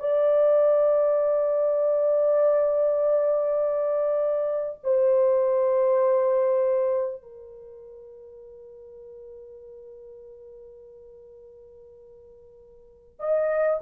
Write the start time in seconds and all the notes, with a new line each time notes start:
0.00 D5
4.83 C5
7.22 A#4
13.20 D#5